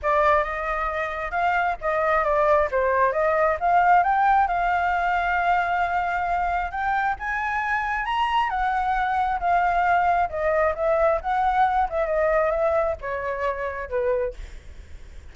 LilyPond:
\new Staff \with { instrumentName = "flute" } { \time 4/4 \tempo 4 = 134 d''4 dis''2 f''4 | dis''4 d''4 c''4 dis''4 | f''4 g''4 f''2~ | f''2. g''4 |
gis''2 ais''4 fis''4~ | fis''4 f''2 dis''4 | e''4 fis''4. e''8 dis''4 | e''4 cis''2 b'4 | }